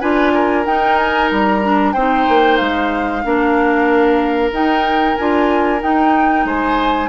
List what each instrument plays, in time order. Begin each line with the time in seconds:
0.00 bassoon D4, clarinet F4, oboe B4, flute G#5
0.34 oboe A#4
0.66 bassoon D#4, clarinet D#4, flute G5
0.98 flute G#5
1.30 bassoon G3, flute A#5
1.63 clarinet D4
1.92 bassoon C4, clarinet D#4, oboe C5, flute G5
2.28 bassoon A#3
2.57 bassoon G#3, flute F5
3.24 bassoon A#3, clarinet D4, oboe A#4
4.51 bassoon D#4, clarinet D#4, flute G5
5.16 bassoon D4, clarinet F4, flute G#5
5.80 clarinet D#4, bassoon D#4, flute G5
6.44 bassoon G#3, oboe C5, flute G#5